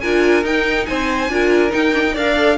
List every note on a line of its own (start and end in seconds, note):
0.00 0.43 D4
0.00 0.43 F4
0.00 0.87 A#4
0.00 0.43 G#5
0.43 0.86 D#4
0.43 1.29 D#4
0.43 0.85 G5
0.85 1.28 C4
0.85 1.31 C5
0.85 1.71 G#5
1.28 1.71 D4
1.28 1.70 F4
1.28 2.13 A#4
1.70 1.92 D#4
1.70 2.16 D#4
1.70 2.16 G5
1.93 2.04 D4
2.06 2.16 D#4
2.13 2.58 D4
2.13 2.37 A#4
2.13 2.56 D5
2.13 2.58 F5
2.37 2.58 A4